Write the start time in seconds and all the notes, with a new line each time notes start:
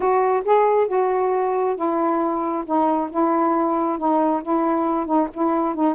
0.00 F#4
0.44 G#4
0.87 F#4
1.76 E4
2.66 D#4
3.10 E4
3.98 D#4
4.42 E4
5.06 D#4
5.33 E4
5.74 D#4